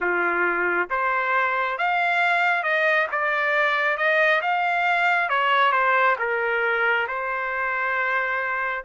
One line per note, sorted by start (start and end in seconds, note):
0.00 0.89 F4
0.89 1.78 C5
1.78 2.63 F5
2.63 3.07 D#5
3.11 3.97 D5
3.97 4.41 D#5
4.41 5.29 F5
5.29 5.72 C#5
5.72 6.16 C5
6.18 7.07 A#4
7.07 8.84 C5